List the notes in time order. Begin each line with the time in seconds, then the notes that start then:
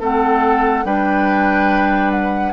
0.00 A3 C4 A4 F#5
0.85 G3 D4 B4 G5
2.11 F#5